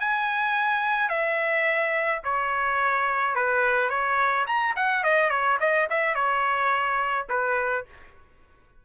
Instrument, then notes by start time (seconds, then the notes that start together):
trumpet
0.00 G#5
1.09 E5
2.24 C#5
3.35 B4
3.89 C#5
4.47 A#5
4.76 F#5
5.04 D#5
5.30 C#5
5.60 D#5
5.90 E5
6.15 C#5
7.29 B4